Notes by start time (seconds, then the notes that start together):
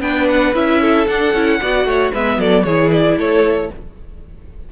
0.00 B3 D4 B4 G5
0.28 F#5
0.54 C#4 E4 E5
0.81 A4
1.07 D4 F#5
1.34 C#4 E4
1.61 B3 F#4 D5
1.85 A3 C#5
2.12 G#3 B3 B4 E5
2.38 F#3 A4 D5
2.64 E3 E4 G#4 C#5
2.92 D5
3.17 A3 A4 C#5